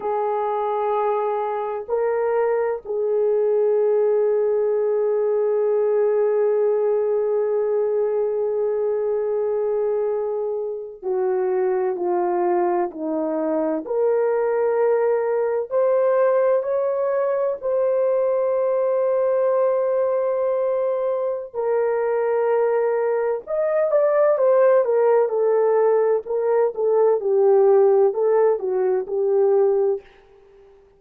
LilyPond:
\new Staff \with { instrumentName = "horn" } { \time 4/4 \tempo 4 = 64 gis'2 ais'4 gis'4~ | gis'1~ | gis'2.~ gis'8. fis'16~ | fis'8. f'4 dis'4 ais'4~ ais'16~ |
ais'8. c''4 cis''4 c''4~ c''16~ | c''2. ais'4~ | ais'4 dis''8 d''8 c''8 ais'8 a'4 | ais'8 a'8 g'4 a'8 fis'8 g'4 | }